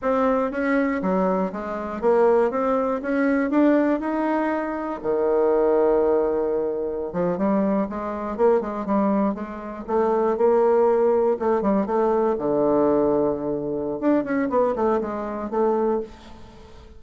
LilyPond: \new Staff \with { instrumentName = "bassoon" } { \time 4/4 \tempo 4 = 120 c'4 cis'4 fis4 gis4 | ais4 c'4 cis'4 d'4 | dis'2 dis2~ | dis2~ dis16 f8 g4 gis16~ |
gis8. ais8 gis8 g4 gis4 a16~ | a8. ais2 a8 g8 a16~ | a8. d2.~ d16 | d'8 cis'8 b8 a8 gis4 a4 | }